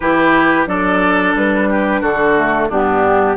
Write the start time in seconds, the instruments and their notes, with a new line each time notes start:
0.00 bassoon E3, clarinet E4, oboe G4, flute B4
0.66 bassoon F#3, clarinet D4, oboe A4, flute D5
1.34 bassoon G3, flute B4
1.69 oboe G4
2.00 bassoon D3, oboe F#4, flute A4
2.36 clarinet A3
2.69 bassoon G2, clarinet B3, oboe D4, flute G4